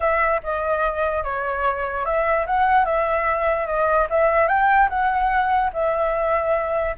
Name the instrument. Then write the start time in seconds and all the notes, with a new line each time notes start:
flute
0.00 E5
0.43 D#5
1.23 C#5
2.05 E5
2.46 F#5
2.85 E5
3.67 D#5
4.10 E5
4.48 G5
4.89 F#5
5.73 E5